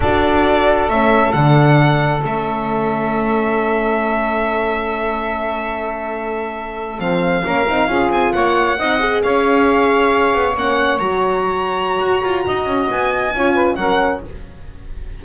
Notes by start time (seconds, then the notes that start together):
0.00 D4 F#4 A4 D5
0.89 A3 C#4 E5
1.32 D3 D4 F#5
2.21 A3 C#4 E5
6.99 F3 C4 F5
7.44 A#3 C#4 A#4
7.67 C4 D#4
7.87 C#4 F4 G#4
8.10 C4 G#5
8.32 A#3 C#5 F#5
8.78 C4 D#4 D#5
8.99 G#4
9.22 C#4 C#5 F5
10.34 B3
10.56 A#3 C#4 F#5
10.99 F#3 F#4 A#5
11.99 F#4
12.23 F4
12.46 D#4 D#5
12.65 C#4
12.91 B3 G#5
13.33 C#4 F4 C#5
13.53 B4
13.75 F#3 C#4 A#4 F#5